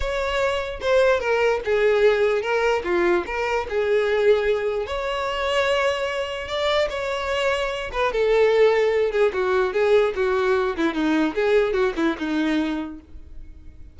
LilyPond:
\new Staff \with { instrumentName = "violin" } { \time 4/4 \tempo 4 = 148 cis''2 c''4 ais'4 | gis'2 ais'4 f'4 | ais'4 gis'2. | cis''1 |
d''4 cis''2~ cis''8 b'8 | a'2~ a'8 gis'8 fis'4 | gis'4 fis'4. e'8 dis'4 | gis'4 fis'8 e'8 dis'2 | }